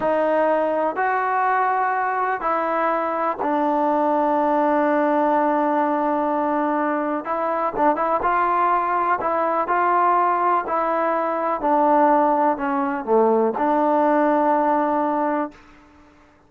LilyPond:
\new Staff \with { instrumentName = "trombone" } { \time 4/4 \tempo 4 = 124 dis'2 fis'2~ | fis'4 e'2 d'4~ | d'1~ | d'2. e'4 |
d'8 e'8 f'2 e'4 | f'2 e'2 | d'2 cis'4 a4 | d'1 | }